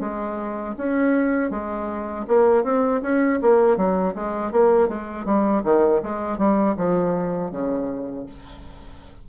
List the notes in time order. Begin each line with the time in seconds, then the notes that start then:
0.00 G#3
0.77 C#4
1.50 G#3
2.27 A#3
2.64 C4
3.02 C#4
3.42 A#3
3.77 F#3
4.15 G#3
4.51 A#3
4.89 G#3
5.25 G3
5.64 D#3
6.03 G#3
6.38 G3
6.77 F3
7.51 C#3